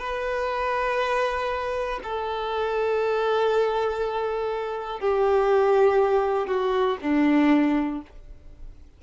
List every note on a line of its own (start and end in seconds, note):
0.00 2.00 B4
2.03 5.00 A4
5.00 6.47 G4
6.47 6.97 F#4
7.01 8.01 D4